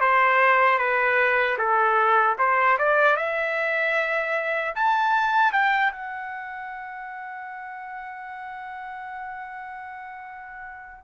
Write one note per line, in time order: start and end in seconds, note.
0.00 0.78 C5
0.78 1.57 B4
1.58 2.36 A4
2.38 2.77 C5
2.78 3.16 D5
3.16 4.74 E5
4.75 5.52 A5
5.52 5.91 G5
5.91 11.04 F#5